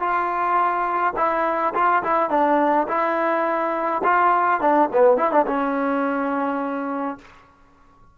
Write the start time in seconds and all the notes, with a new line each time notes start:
0.00 F4
1.17 E4
1.75 F4
2.04 E4
2.31 D4
2.88 E4
4.04 F4
4.61 D4
4.93 B3
5.18 E4
5.32 D4
5.47 C#4